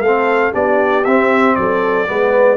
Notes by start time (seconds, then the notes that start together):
0.00 A3 C4 A4 F5
0.52 B3 D4 G4 D5
1.04 C4 E5
1.55 F#3 A4 D5
2.07 G#3 B3 B4